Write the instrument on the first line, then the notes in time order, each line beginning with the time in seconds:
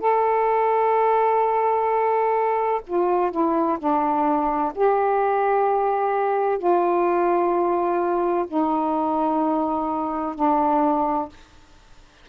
saxophone
0.00 A4
2.87 F4
3.31 E4
3.79 D4
4.75 G4
6.58 F4
8.48 D#4
10.35 D4